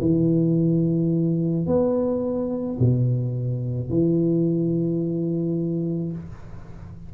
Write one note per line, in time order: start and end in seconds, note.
0.00 1.66 E3
1.66 2.78 B3
2.79 3.90 B2
3.90 6.12 E3